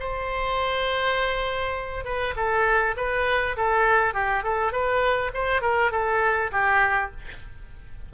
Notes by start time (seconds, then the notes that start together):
0.00 C5
2.05 B4
2.36 A4
2.97 B4
3.57 A4
4.14 G4
4.43 A4
4.72 B4
5.34 C5
5.62 A#4
5.92 A4
6.52 G4